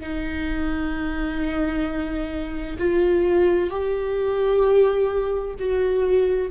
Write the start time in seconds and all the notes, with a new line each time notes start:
0.00 D#4
2.79 F4
3.70 G4
5.59 F#4